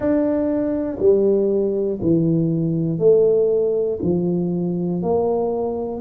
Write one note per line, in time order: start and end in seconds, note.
0.00 0.97 D4
0.99 1.99 G3
2.01 2.99 E3
2.99 3.99 A3
4.02 5.02 F3
5.02 6.00 A#3